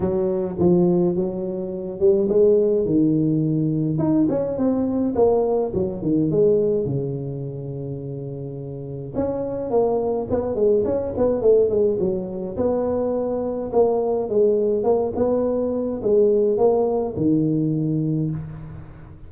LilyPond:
\new Staff \with { instrumentName = "tuba" } { \time 4/4 \tempo 4 = 105 fis4 f4 fis4. g8 | gis4 dis2 dis'8 cis'8 | c'4 ais4 fis8 dis8 gis4 | cis1 |
cis'4 ais4 b8 gis8 cis'8 b8 | a8 gis8 fis4 b2 | ais4 gis4 ais8 b4. | gis4 ais4 dis2 | }